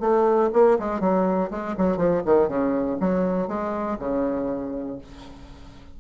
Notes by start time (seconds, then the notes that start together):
0.00 A3
0.53 A#3
0.79 G#3
1.00 F#3
1.51 G#3
1.77 F#3
1.97 F3
2.25 D#3
2.48 C#3
3.00 F#3
3.48 G#3
3.99 C#3